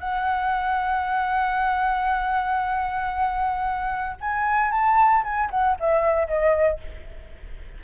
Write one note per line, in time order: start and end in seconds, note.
0.00 4.17 F#5
4.21 4.71 G#5
4.71 5.24 A5
5.24 5.50 G#5
5.51 5.77 F#5
5.80 6.28 E5
6.28 6.80 D#5